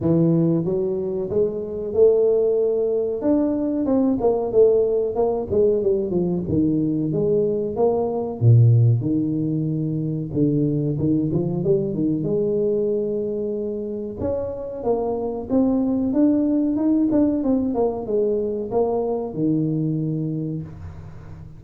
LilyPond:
\new Staff \with { instrumentName = "tuba" } { \time 4/4 \tempo 4 = 93 e4 fis4 gis4 a4~ | a4 d'4 c'8 ais8 a4 | ais8 gis8 g8 f8 dis4 gis4 | ais4 ais,4 dis2 |
d4 dis8 f8 g8 dis8 gis4~ | gis2 cis'4 ais4 | c'4 d'4 dis'8 d'8 c'8 ais8 | gis4 ais4 dis2 | }